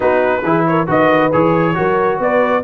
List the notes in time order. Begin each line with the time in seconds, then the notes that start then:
0.00 B3 D#4 F#4 B4
0.43 E3 E4 G#4
0.66 A#4 C#5
0.86 D#3 F#4 B4 D#5
1.32 E3 G#4 C#5
1.74 F#3 F#4 A#4
2.19 B3 B4 D5